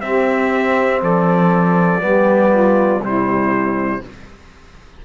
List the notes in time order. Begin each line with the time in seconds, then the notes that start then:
0.00 C4 G4 E5
1.00 F3 A4 D5
1.99 G3 B3 G4
2.51 F4
2.99 C3 G3 E4 C5